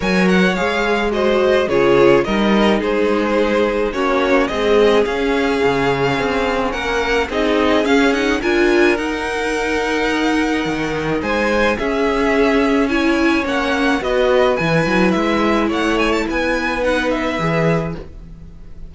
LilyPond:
<<
  \new Staff \with { instrumentName = "violin" } { \time 4/4 \tempo 4 = 107 gis''8 fis''8 f''4 dis''4 cis''4 | dis''4 c''2 cis''4 | dis''4 f''2. | fis''4 dis''4 f''8 fis''8 gis''4 |
fis''1 | gis''4 e''2 gis''4 | fis''4 dis''4 gis''4 e''4 | fis''8 gis''16 a''16 gis''4 fis''8 e''4. | }
  \new Staff \with { instrumentName = "violin" } { \time 4/4 cis''2 c''4 gis'4 | ais'4 gis'2 fis'4 | gis'1 | ais'4 gis'2 ais'4~ |
ais'1 | c''4 gis'2 cis''4~ | cis''4 b'2. | cis''4 b'2. | }
  \new Staff \with { instrumentName = "viola" } { \time 4/4 ais'4 gis'4 fis'4 f'4 | dis'2. cis'4 | gis4 cis'2.~ | cis'4 dis'4 cis'8 dis'8 f'4 |
dis'1~ | dis'4 cis'2 e'4 | cis'4 fis'4 e'2~ | e'2 dis'4 gis'4 | }
  \new Staff \with { instrumentName = "cello" } { \time 4/4 fis4 gis2 cis4 | g4 gis2 ais4 | c'4 cis'4 cis4 c'4 | ais4 c'4 cis'4 d'4 |
dis'2. dis4 | gis4 cis'2. | ais4 b4 e8 fis8 gis4 | a4 b2 e4 | }
>>